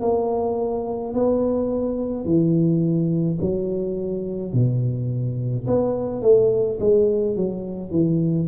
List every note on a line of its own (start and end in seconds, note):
0.00 1.13 A#3
1.13 2.25 B3
2.25 3.38 E3
3.41 4.53 F#3
4.53 5.66 B2
5.67 6.22 B3
6.22 6.78 A3
6.80 7.36 G#3
7.36 7.91 F#3
7.91 8.48 E3